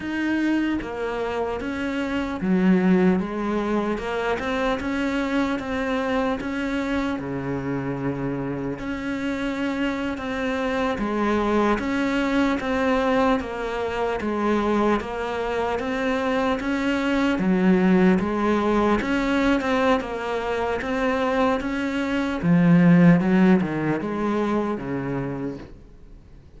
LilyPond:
\new Staff \with { instrumentName = "cello" } { \time 4/4 \tempo 4 = 75 dis'4 ais4 cis'4 fis4 | gis4 ais8 c'8 cis'4 c'4 | cis'4 cis2 cis'4~ | cis'8. c'4 gis4 cis'4 c'16~ |
c'8. ais4 gis4 ais4 c'16~ | c'8. cis'4 fis4 gis4 cis'16~ | cis'8 c'8 ais4 c'4 cis'4 | f4 fis8 dis8 gis4 cis4 | }